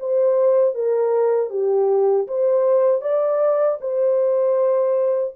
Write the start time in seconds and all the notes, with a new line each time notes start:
0.00 C5
0.75 A#4
1.50 G4
2.28 C5
3.01 D5
3.81 C5